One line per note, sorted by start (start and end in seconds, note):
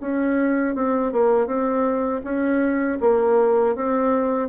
0.00 0.75 C#4
0.75 1.12 C4
1.12 1.46 A#3
1.46 2.21 C4
2.24 2.99 C#4
3.00 3.75 A#3
3.75 4.48 C4